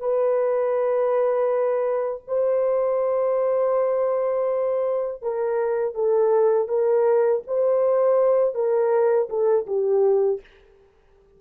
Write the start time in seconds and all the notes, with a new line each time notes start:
0.00 B4
2.27 C5
5.22 A#4
5.95 A4
6.68 A#4
7.47 C5
8.55 A#4
9.29 A4
9.66 G4